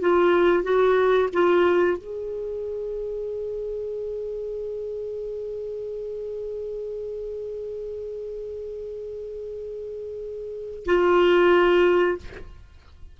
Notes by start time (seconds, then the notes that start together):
0.00 F4
0.63 F#4
1.32 F4
1.98 G#4
10.85 F4